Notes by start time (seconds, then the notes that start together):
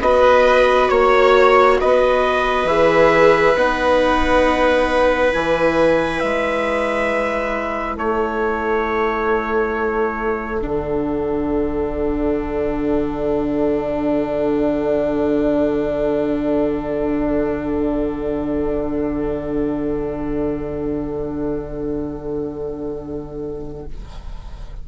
0.00 B3 F#4 B4 D#5
0.88 A#3 C#5
1.80 B3 B4 D#5
2.64 E3 G#4 E5
3.56 B3 D#4 F#5
5.31 E3 E4 G#5
6.20 G#3 E5
7.95 A3 A4 C#5
10.61 D3 D4 F#5